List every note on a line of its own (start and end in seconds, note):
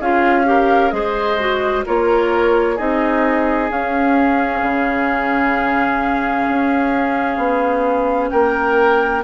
0.00 0.92 C#4
0.00 0.45 F4
0.00 0.46 G#4
0.00 0.91 F5
0.45 0.91 G4
0.45 0.95 A#4
0.91 1.85 G#3
0.91 1.37 G#4
0.91 1.86 C5
0.91 1.84 D#5
1.40 1.86 F#4
1.86 2.80 A#3
1.86 2.78 F4
1.86 2.76 A#4
1.86 2.78 C#5
2.76 3.70 C4
2.76 3.70 D#4
2.76 8.29 G#4
2.76 3.71 D#5
3.70 4.62 C#4
3.70 9.24 C#4
3.70 8.30 F5
4.62 6.47 C#3
6.48 7.38 C#4
7.38 8.30 B3
8.30 9.24 A#3
8.30 9.24 A#4
8.30 9.23 G5